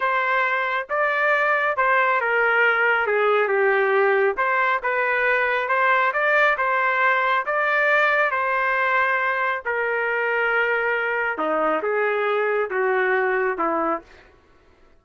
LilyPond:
\new Staff \with { instrumentName = "trumpet" } { \time 4/4 \tempo 4 = 137 c''2 d''2 | c''4 ais'2 gis'4 | g'2 c''4 b'4~ | b'4 c''4 d''4 c''4~ |
c''4 d''2 c''4~ | c''2 ais'2~ | ais'2 dis'4 gis'4~ | gis'4 fis'2 e'4 | }